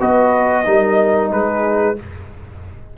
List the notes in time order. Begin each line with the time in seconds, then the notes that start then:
0.00 B3 F#4 B4 D#5
0.65 G3 D#4 A#4
1.31 G#3 G#4 B4